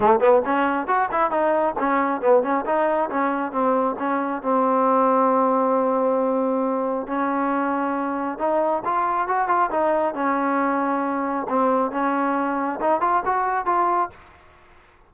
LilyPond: \new Staff \with { instrumentName = "trombone" } { \time 4/4 \tempo 4 = 136 a8 b8 cis'4 fis'8 e'8 dis'4 | cis'4 b8 cis'8 dis'4 cis'4 | c'4 cis'4 c'2~ | c'1 |
cis'2. dis'4 | f'4 fis'8 f'8 dis'4 cis'4~ | cis'2 c'4 cis'4~ | cis'4 dis'8 f'8 fis'4 f'4 | }